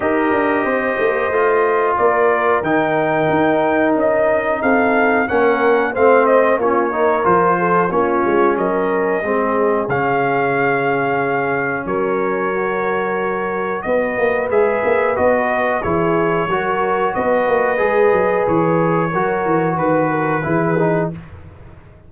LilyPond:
<<
  \new Staff \with { instrumentName = "trumpet" } { \time 4/4 \tempo 4 = 91 dis''2. d''4 | g''2 dis''4 f''4 | fis''4 f''8 dis''8 cis''4 c''4 | cis''4 dis''2 f''4~ |
f''2 cis''2~ | cis''4 dis''4 e''4 dis''4 | cis''2 dis''2 | cis''2 b'2 | }
  \new Staff \with { instrumentName = "horn" } { \time 4/4 ais'4 c''2 ais'4~ | ais'2. a'4 | ais'4 c''4 f'8 ais'4 a'8 | f'4 ais'4 gis'2~ |
gis'2 ais'2~ | ais'4 b'2. | gis'4 ais'4 b'2~ | b'4 ais'4 b'8 ais'8 gis'4 | }
  \new Staff \with { instrumentName = "trombone" } { \time 4/4 g'2 f'2 | dis'1 | cis'4 c'4 cis'8 dis'8 f'4 | cis'2 c'4 cis'4~ |
cis'2. fis'4~ | fis'2 gis'4 fis'4 | e'4 fis'2 gis'4~ | gis'4 fis'2 e'8 dis'8 | }
  \new Staff \with { instrumentName = "tuba" } { \time 4/4 dis'8 d'8 c'8 ais8 a4 ais4 | dis4 dis'4 cis'4 c'4 | ais4 a4 ais4 f4 | ais8 gis8 fis4 gis4 cis4~ |
cis2 fis2~ | fis4 b8 ais8 gis8 ais8 b4 | e4 fis4 b8 ais8 gis8 fis8 | e4 fis8 e8 dis4 e4 | }
>>